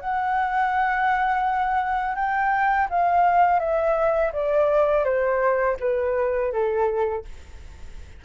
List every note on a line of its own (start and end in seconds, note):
0.00 2.16 F#5
2.16 2.88 G5
2.89 3.59 F5
3.59 4.31 E5
4.32 5.04 D5
5.04 5.77 C5
5.80 6.52 B4
6.52 7.24 A4